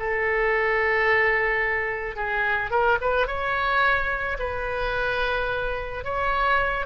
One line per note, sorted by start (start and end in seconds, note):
0.00 2.16 A4
2.16 2.71 G#4
2.71 2.99 A#4
3.02 3.28 B4
3.28 4.38 C#5
4.40 6.05 B4
6.05 6.87 C#5